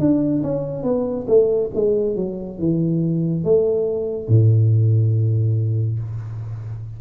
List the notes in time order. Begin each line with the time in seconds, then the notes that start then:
0.00 D4
0.44 C#4
0.83 B3
1.28 A3
1.75 G#3
2.17 F#3
2.59 E3
3.45 A3
4.29 A2